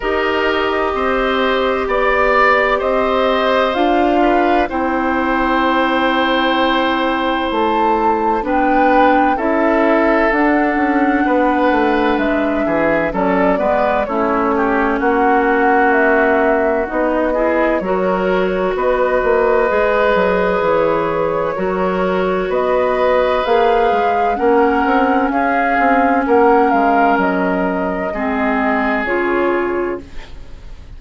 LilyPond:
<<
  \new Staff \with { instrumentName = "flute" } { \time 4/4 \tempo 4 = 64 dis''2 d''4 dis''4 | f''4 g''2. | a''4 g''4 e''4 fis''4~ | fis''4 e''4 d''4 cis''4 |
fis''4 e''4 dis''4 cis''4 | dis''2 cis''2 | dis''4 f''4 fis''4 f''4 | fis''8 f''8 dis''2 cis''4 | }
  \new Staff \with { instrumentName = "oboe" } { \time 4/4 ais'4 c''4 d''4 c''4~ | c''8 b'8 c''2.~ | c''4 b'4 a'2 | b'4. gis'8 a'8 b'8 e'8 g'8 |
fis'2~ fis'8 gis'8 ais'4 | b'2. ais'4 | b'2 ais'4 gis'4 | ais'2 gis'2 | }
  \new Staff \with { instrumentName = "clarinet" } { \time 4/4 g'1 | f'4 e'2.~ | e'4 d'4 e'4 d'4~ | d'2 cis'8 b8 cis'4~ |
cis'2 dis'8 e'8 fis'4~ | fis'4 gis'2 fis'4~ | fis'4 gis'4 cis'2~ | cis'2 c'4 f'4 | }
  \new Staff \with { instrumentName = "bassoon" } { \time 4/4 dis'4 c'4 b4 c'4 | d'4 c'2. | a4 b4 cis'4 d'8 cis'8 | b8 a8 gis8 e8 fis8 gis8 a4 |
ais2 b4 fis4 | b8 ais8 gis8 fis8 e4 fis4 | b4 ais8 gis8 ais8 c'8 cis'8 c'8 | ais8 gis8 fis4 gis4 cis4 | }
>>